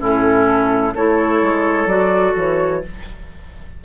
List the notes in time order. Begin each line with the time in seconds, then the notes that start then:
0.00 A2 C#4 E4 A4
0.95 A3 E4 A4 C#5
1.43 G#3
1.87 F#3 F#4 D5
2.36 E3 C#5